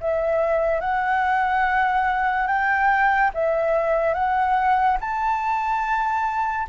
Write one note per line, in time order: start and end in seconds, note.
0.00 0.80 E5
0.80 2.47 F#5
2.47 3.30 G5
3.34 4.14 E5
4.14 4.97 F#5
5.00 6.66 A5